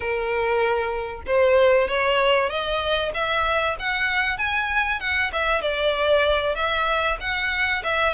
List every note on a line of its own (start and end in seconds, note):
0.00 1.22 A#4
1.26 1.88 C5
1.88 2.49 C#5
2.49 3.12 D#5
3.14 3.76 E5
3.79 4.37 F#5
4.37 5.00 G#5
5.00 5.31 F#5
5.32 5.61 E5
5.61 6.55 D5
6.55 7.17 E5
7.20 7.82 F#5
7.83 8.13 E5